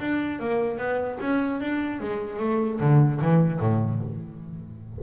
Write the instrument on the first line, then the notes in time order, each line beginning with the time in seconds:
double bass
0.00 D4
0.40 A#3
0.79 B3
1.21 C#4
1.61 D4
2.01 G#3
2.40 A3
2.81 D3
3.22 E3
3.60 A2